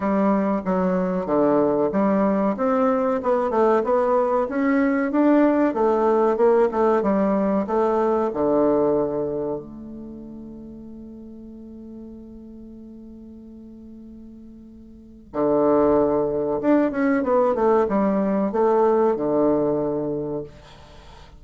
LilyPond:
\new Staff \with { instrumentName = "bassoon" } { \time 4/4 \tempo 4 = 94 g4 fis4 d4 g4 | c'4 b8 a8 b4 cis'4 | d'4 a4 ais8 a8 g4 | a4 d2 a4~ |
a1~ | a1 | d2 d'8 cis'8 b8 a8 | g4 a4 d2 | }